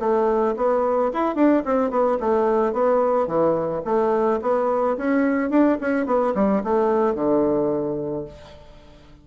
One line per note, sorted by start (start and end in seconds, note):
0.00 0.55 A3
0.57 1.12 B3
1.13 1.36 E4
1.36 1.63 D4
1.66 1.90 C4
1.90 2.18 B3
2.20 2.73 A3
2.73 3.27 B3
3.27 3.82 E3
3.85 4.40 A3
4.42 4.97 B3
4.97 5.50 C#4
5.50 5.78 D4
5.81 6.06 C#4
6.06 6.34 B3
6.35 6.63 G3
6.64 7.15 A3
7.15 8.25 D3